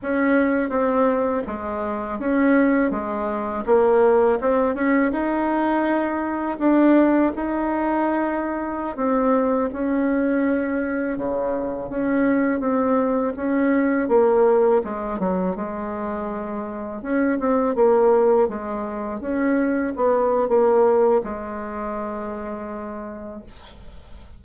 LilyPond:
\new Staff \with { instrumentName = "bassoon" } { \time 4/4 \tempo 4 = 82 cis'4 c'4 gis4 cis'4 | gis4 ais4 c'8 cis'8 dis'4~ | dis'4 d'4 dis'2~ | dis'16 c'4 cis'2 cis8.~ |
cis16 cis'4 c'4 cis'4 ais8.~ | ais16 gis8 fis8 gis2 cis'8 c'16~ | c'16 ais4 gis4 cis'4 b8. | ais4 gis2. | }